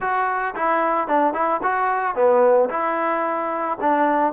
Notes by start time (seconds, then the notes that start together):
0.00 F#4
0.55 E4
1.07 D4
1.33 E4
1.62 F#4
2.15 B3
2.69 E4
3.80 D4